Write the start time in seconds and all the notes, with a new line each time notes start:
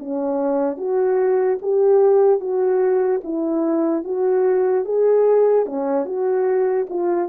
0.00 C#4
0.78 F#4
1.63 G4
2.41 F#4
3.24 E4
4.05 F#4
4.85 G#4
5.66 C#4
6.06 F#4
6.90 F4